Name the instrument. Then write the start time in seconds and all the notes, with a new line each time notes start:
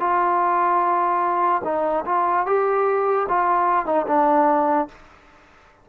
trombone
0.00 F4
1.64 D#4
2.06 F4
2.47 G4
3.29 F4
3.86 D#4
4.07 D4